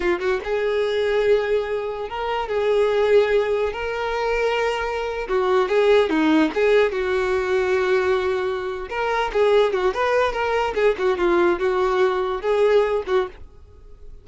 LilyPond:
\new Staff \with { instrumentName = "violin" } { \time 4/4 \tempo 4 = 145 f'8 fis'8 gis'2.~ | gis'4 ais'4 gis'2~ | gis'4 ais'2.~ | ais'8. fis'4 gis'4 dis'4 gis'16~ |
gis'8. fis'2.~ fis'16~ | fis'4. ais'4 gis'4 fis'8 | b'4 ais'4 gis'8 fis'8 f'4 | fis'2 gis'4. fis'8 | }